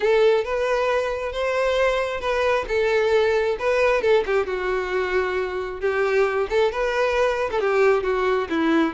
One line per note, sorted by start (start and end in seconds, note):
0.00 0.44 A4
0.44 1.32 B4
1.32 2.20 C5
2.20 2.65 B4
2.67 3.57 A4
3.59 4.01 B4
4.01 4.24 A4
4.26 4.46 G4
4.46 5.80 F#4
5.80 6.47 G4
6.49 6.71 A4
6.71 7.50 B4
7.51 7.60 A4
7.60 8.03 G4
8.03 8.48 F#4
8.49 8.93 E4